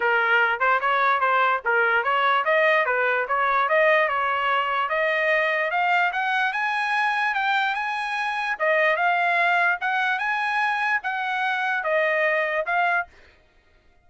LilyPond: \new Staff \with { instrumentName = "trumpet" } { \time 4/4 \tempo 4 = 147 ais'4. c''8 cis''4 c''4 | ais'4 cis''4 dis''4 b'4 | cis''4 dis''4 cis''2 | dis''2 f''4 fis''4 |
gis''2 g''4 gis''4~ | gis''4 dis''4 f''2 | fis''4 gis''2 fis''4~ | fis''4 dis''2 f''4 | }